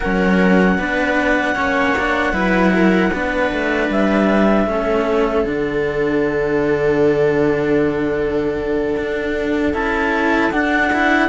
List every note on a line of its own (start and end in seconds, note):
0.00 0.77 F#3
0.00 0.78 C#4
0.00 0.77 A#4
0.00 3.89 F#5
0.77 1.55 B3
0.77 1.55 D4
0.77 1.55 B4
1.55 2.32 A#3
1.55 1.94 C#4
1.55 2.33 C#5
1.98 2.32 D4
2.32 3.10 F#3
2.32 3.10 E4
2.32 2.72 B4
2.75 3.13 A#4
3.12 3.51 B3
3.12 4.69 D4
3.12 4.69 B4
3.51 3.89 A3
3.89 4.66 G3
3.89 5.45 E5
4.66 5.44 A3
4.66 5.47 C#4
4.66 11.28 A4
5.44 8.95 D3
5.44 9.73 D4
5.44 9.74 F#5
8.97 9.73 D4
9.73 10.51 C#4
9.73 10.51 E4
9.73 10.51 A5
10.51 10.90 D4
10.51 11.28 D4
10.51 11.28 F#5
10.92 11.28 E4